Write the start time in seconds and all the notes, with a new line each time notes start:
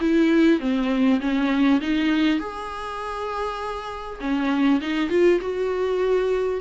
0.00 E4
0.60 C4
1.20 C#4
1.80 D#4
2.39 G#4
4.20 C#4
4.80 D#4
5.09 F4
5.40 F#4